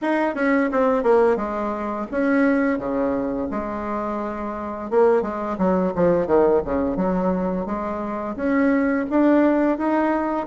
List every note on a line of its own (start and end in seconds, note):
0.01 0.35 D#4
0.35 0.69 C#4
0.71 1.03 C4
1.03 1.36 A#3
1.36 2.06 G#3
2.11 2.78 C#4
2.78 3.48 C#3
3.50 4.90 G#3
4.90 5.22 A#3
5.22 5.57 G#3
5.58 5.93 F#3
5.95 6.26 F3
6.26 6.61 D#3
6.65 6.96 C#3
6.96 7.66 F#3
7.66 8.35 G#3
8.36 9.05 C#4
9.10 9.78 D4
9.78 10.46 D#4